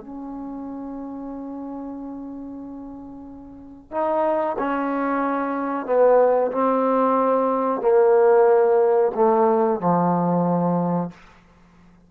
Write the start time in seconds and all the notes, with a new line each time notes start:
0.00 C#4
3.91 D#4
4.58 C#4
5.86 B3
6.51 C4
7.81 A#3
9.15 A3
9.80 F3